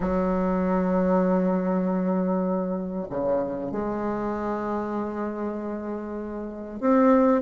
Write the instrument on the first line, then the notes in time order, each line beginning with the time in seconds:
bassoon
0.00 F#3
3.10 C#3
3.71 G#3
6.80 C4